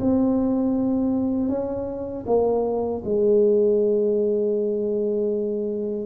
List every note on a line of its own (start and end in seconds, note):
0.00 1.49 C4
1.49 2.25 C#4
2.27 3.03 A#3
3.05 6.06 G#3